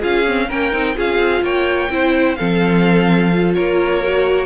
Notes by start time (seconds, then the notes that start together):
0.00 C#4 F4 G#4 F5
0.28 C4
0.49 A#3 C#4 A#4 G5
0.72 C4 D#4
0.96 C#4 F4 G#4 F5
1.19 C4
1.42 A#3 C#5 G5
1.90 C4 E4 C5
2.36 F3 C4 A4 F5
3.33 F4
3.54 A#3 A#4 C#5
4.04 F#4